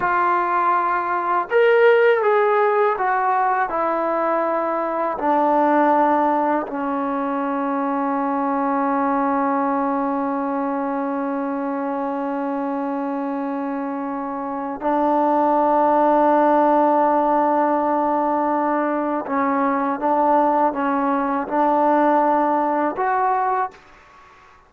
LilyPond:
\new Staff \with { instrumentName = "trombone" } { \time 4/4 \tempo 4 = 81 f'2 ais'4 gis'4 | fis'4 e'2 d'4~ | d'4 cis'2.~ | cis'1~ |
cis'1 | d'1~ | d'2 cis'4 d'4 | cis'4 d'2 fis'4 | }